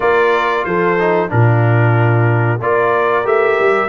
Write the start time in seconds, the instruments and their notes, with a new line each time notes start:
0.00 tuba A#3, trombone F4, horn A#4, trumpet D5
0.64 tuba F3, horn A4, trumpet C5
0.99 trombone D#4
1.28 tuba A#2, trombone D4, horn F4, trumpet A#4
2.61 tuba A#3, trombone F4, horn A#4, trumpet D5
3.24 tuba A3, trombone G4, trumpet E5
3.59 tuba G3